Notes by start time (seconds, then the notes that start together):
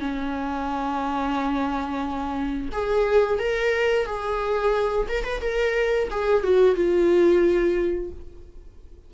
0.00 C#4
2.72 G#4
3.39 A#4
4.06 G#4
5.09 A#4
5.24 B4
5.41 A#4
6.10 G#4
6.44 F#4
6.76 F4